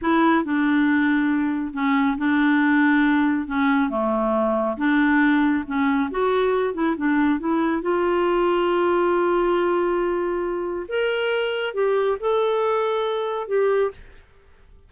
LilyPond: \new Staff \with { instrumentName = "clarinet" } { \time 4/4 \tempo 4 = 138 e'4 d'2. | cis'4 d'2. | cis'4 a2 d'4~ | d'4 cis'4 fis'4. e'8 |
d'4 e'4 f'2~ | f'1~ | f'4 ais'2 g'4 | a'2. g'4 | }